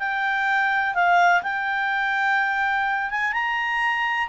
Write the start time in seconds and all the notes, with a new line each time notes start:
0.00 G5
0.95 F5
1.43 G5
3.11 G#5
3.33 A#5